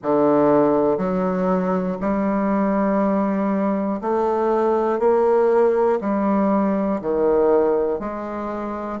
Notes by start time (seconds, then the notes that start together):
0.02 D3
0.97 F#3
2.00 G3
4.01 A3
4.99 A#3
6.00 G3
7.01 D#3
8.00 G#3